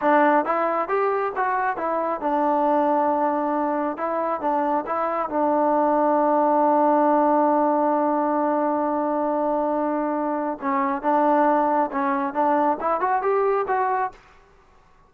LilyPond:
\new Staff \with { instrumentName = "trombone" } { \time 4/4 \tempo 4 = 136 d'4 e'4 g'4 fis'4 | e'4 d'2.~ | d'4 e'4 d'4 e'4 | d'1~ |
d'1~ | d'1 | cis'4 d'2 cis'4 | d'4 e'8 fis'8 g'4 fis'4 | }